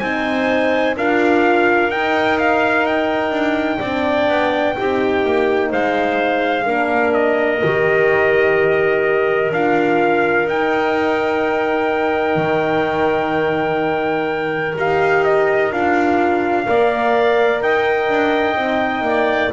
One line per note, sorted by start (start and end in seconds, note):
0.00 0.97 C4
0.00 0.97 D#4
0.00 0.96 C5
0.00 0.95 G#5
0.97 1.90 D4
0.97 1.92 F4
0.97 3.79 A#4
0.97 1.91 F5
1.90 3.31 D#4
1.90 3.81 D#4
1.90 2.39 G5
2.39 2.86 F5
2.86 5.72 G5
3.31 3.79 D4
3.79 4.29 C4
3.79 4.77 D4
3.79 4.74 D5
4.29 4.76 B3
4.78 5.25 C4
4.78 6.65 D#4
4.78 5.69 G4
5.25 5.73 A#3
5.69 6.67 G#3
5.69 6.65 C5
5.69 7.14 F5
6.65 7.63 A#3
6.65 7.61 D4
6.65 16.65 A#4
7.14 9.52 D#5
7.65 9.52 D#3
7.65 9.55 G4
9.52 10.46 D4
9.52 10.50 F4
9.52 10.49 F5
10.46 12.36 D#4
10.46 14.77 D#4
10.46 14.78 G5
12.36 14.74 D#3
14.77 15.72 D#4
14.77 15.72 G4
14.77 15.25 F5
15.25 15.72 D#5
15.72 16.67 D4
15.72 16.66 F4
15.72 17.62 F5
16.66 17.62 A#3
16.66 18.57 A#4
16.66 17.63 D5
17.62 18.09 D#4
17.62 19.06 D#5
17.62 19.53 G5
18.09 18.55 D4
18.55 19.02 C4
18.55 19.52 D#4
19.02 19.49 A#3
19.02 19.53 D5